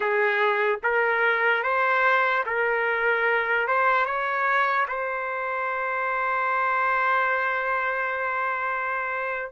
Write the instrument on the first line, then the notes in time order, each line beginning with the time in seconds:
trumpet
0.00 G#4
0.83 A#4
1.63 C5
2.46 A#4
3.67 C5
4.05 C#5
4.88 C5